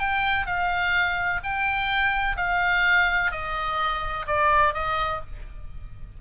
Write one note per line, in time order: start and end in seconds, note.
0.00 0.47 G5
0.47 1.41 F5
1.44 2.37 G5
2.37 3.32 F5
3.32 4.26 D#5
4.27 4.74 D5
4.74 5.21 D#5